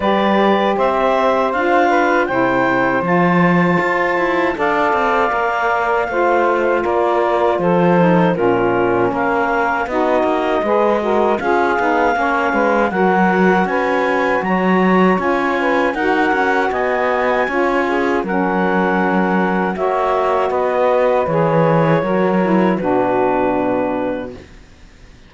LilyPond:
<<
  \new Staff \with { instrumentName = "clarinet" } { \time 4/4 \tempo 4 = 79 d''4 e''4 f''4 g''4 | a''2 f''2~ | f''4 d''4 c''4 ais'4 | f''4 dis''2 f''4~ |
f''4 fis''4 gis''4 ais''4 | gis''4 fis''4 gis''2 | fis''2 e''4 dis''4 | cis''2 b'2 | }
  \new Staff \with { instrumentName = "saxophone" } { \time 4/4 b'4 c''4. b'8 c''4~ | c''2 d''2 | c''4 ais'4 a'4 f'4 | ais'4 fis'4 b'8 ais'8 gis'4 |
cis''8 b'8 ais'4 b'4 cis''4~ | cis''8 b'8 ais'4 dis''4 cis''8 gis'8 | ais'2 cis''4 b'4~ | b'4 ais'4 fis'2 | }
  \new Staff \with { instrumentName = "saxophone" } { \time 4/4 g'2 f'4 e'4 | f'2 a'4 ais'4 | f'2~ f'8 dis'8 cis'4~ | cis'4 dis'4 gis'8 fis'8 f'8 dis'8 |
cis'4 fis'2. | f'4 fis'2 f'4 | cis'2 fis'2 | gis'4 fis'8 e'8 d'2 | }
  \new Staff \with { instrumentName = "cello" } { \time 4/4 g4 c'4 d'4 c4 | f4 f'8 e'8 d'8 c'8 ais4 | a4 ais4 f4 ais,4 | ais4 b8 ais8 gis4 cis'8 b8 |
ais8 gis8 fis4 cis'4 fis4 | cis'4 dis'8 cis'8 b4 cis'4 | fis2 ais4 b4 | e4 fis4 b,2 | }
>>